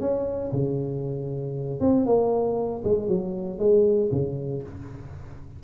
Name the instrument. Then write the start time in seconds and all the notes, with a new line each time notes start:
tuba
0.00 C#4
0.52 C#3
1.80 C4
2.06 A#3
2.84 G#3
3.08 F#3
3.59 G#3
4.11 C#3